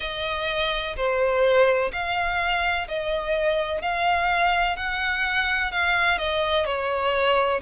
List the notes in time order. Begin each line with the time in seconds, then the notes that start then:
0.00 D#5
0.96 C5
1.92 F5
2.87 D#5
3.81 F5
4.76 F#5
5.71 F5
6.17 D#5
6.65 C#5